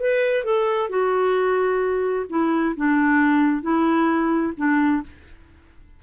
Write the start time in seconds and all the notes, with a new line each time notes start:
0.00 B4
0.44 A4
0.90 F#4
2.30 E4
2.77 D4
3.62 E4
4.57 D4